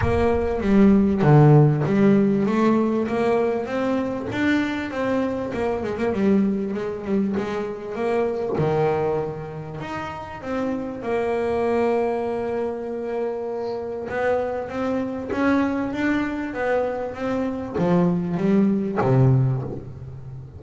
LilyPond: \new Staff \with { instrumentName = "double bass" } { \time 4/4 \tempo 4 = 98 ais4 g4 d4 g4 | a4 ais4 c'4 d'4 | c'4 ais8 gis16 ais16 g4 gis8 g8 | gis4 ais4 dis2 |
dis'4 c'4 ais2~ | ais2. b4 | c'4 cis'4 d'4 b4 | c'4 f4 g4 c4 | }